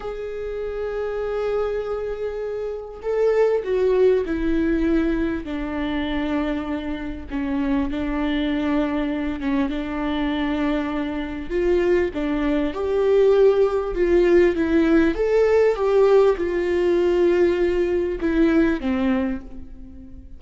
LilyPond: \new Staff \with { instrumentName = "viola" } { \time 4/4 \tempo 4 = 99 gis'1~ | gis'4 a'4 fis'4 e'4~ | e'4 d'2. | cis'4 d'2~ d'8 cis'8 |
d'2. f'4 | d'4 g'2 f'4 | e'4 a'4 g'4 f'4~ | f'2 e'4 c'4 | }